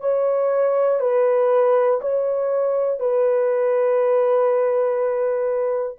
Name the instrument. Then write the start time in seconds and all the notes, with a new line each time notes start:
horn
0.00 C#5
1.00 B4
2.00 C#5
2.99 B4